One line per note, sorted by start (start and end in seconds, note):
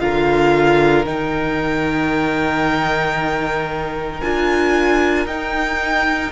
0.00 1.05 D3
0.00 1.05 F4
0.00 6.31 A#4
0.00 1.05 F5
1.05 4.21 D#3
1.05 4.22 D#4
1.05 4.21 G5
4.21 5.26 D4
4.21 5.28 F4
4.21 5.26 G#5
5.26 6.31 D#4
5.26 6.31 G5